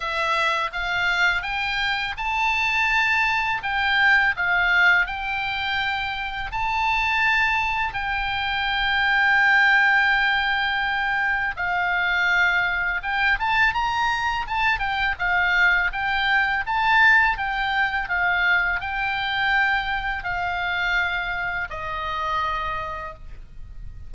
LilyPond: \new Staff \with { instrumentName = "oboe" } { \time 4/4 \tempo 4 = 83 e''4 f''4 g''4 a''4~ | a''4 g''4 f''4 g''4~ | g''4 a''2 g''4~ | g''1 |
f''2 g''8 a''8 ais''4 | a''8 g''8 f''4 g''4 a''4 | g''4 f''4 g''2 | f''2 dis''2 | }